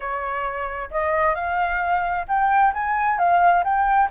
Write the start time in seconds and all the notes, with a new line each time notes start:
0.00 C#5
0.90 D#5
1.35 F5
2.27 G5
2.73 G#5
3.18 F5
3.63 G5